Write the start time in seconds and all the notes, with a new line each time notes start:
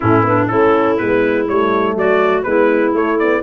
0.00 A2 A3 C#4 E4
0.22 B3 D4
0.47 A3 C#4 E4 A4
0.97 G#3 B3 B4
1.48 G3 A3 C#5
1.95 F#3 F#4 D5
2.42 G#3 B3 E4 B4
2.93 A3 C#5
3.18 B3 D5